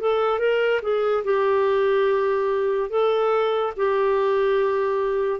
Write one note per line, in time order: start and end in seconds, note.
0.00 0.39 A4
0.39 0.80 A#4
0.82 1.23 G#4
1.24 2.89 G4
2.89 3.73 A4
3.76 5.40 G4